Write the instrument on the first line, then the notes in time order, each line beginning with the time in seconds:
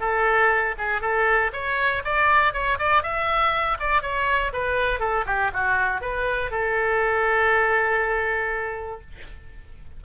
oboe
0.00 A4
0.78 G#4
1.01 A4
1.53 C#5
2.05 D5
2.53 C#5
2.79 D5
3.03 E5
3.80 D5
4.02 C#5
4.53 B4
5.00 A4
5.26 G4
5.53 F#4
6.01 B4
6.51 A4